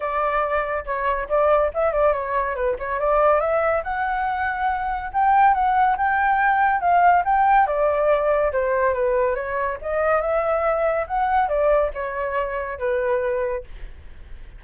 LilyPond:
\new Staff \with { instrumentName = "flute" } { \time 4/4 \tempo 4 = 141 d''2 cis''4 d''4 | e''8 d''8 cis''4 b'8 cis''8 d''4 | e''4 fis''2. | g''4 fis''4 g''2 |
f''4 g''4 d''2 | c''4 b'4 cis''4 dis''4 | e''2 fis''4 d''4 | cis''2 b'2 | }